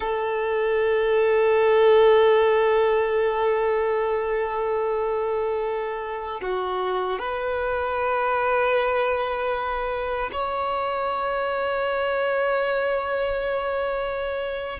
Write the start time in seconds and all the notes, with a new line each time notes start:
0.00 A4
6.41 F#4
7.19 B4
10.32 C#5